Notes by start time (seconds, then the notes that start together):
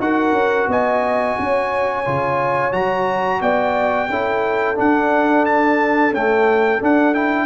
0.00 D#4 F#4 A#4 F#5
0.32 C#4
0.68 B3 D#5 G#5
1.39 C#4 C#5
2.06 C#3 F4
2.72 F#3 F#4 A#5
3.41 B3 D5 G5
4.10 C#4 E4 A4
4.75 D4 F#5
5.46 A5
6.12 A3 C#4 G5
6.81 D4 F#5
7.14 E4 G5